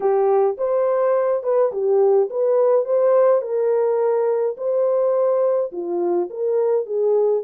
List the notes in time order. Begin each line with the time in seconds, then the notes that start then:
0.00 G4
0.57 C5
1.43 B4
1.72 G4
2.29 B4
2.85 C5
3.41 A#4
4.57 C5
5.72 F4
6.30 A#4
6.86 G#4